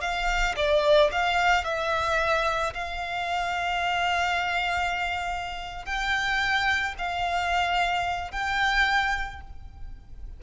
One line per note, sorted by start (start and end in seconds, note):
0.00 0.55 F5
0.56 1.10 D5
1.11 1.64 F5
1.64 2.73 E5
2.73 5.85 F5
5.85 6.94 G5
6.98 8.31 F5
8.31 9.40 G5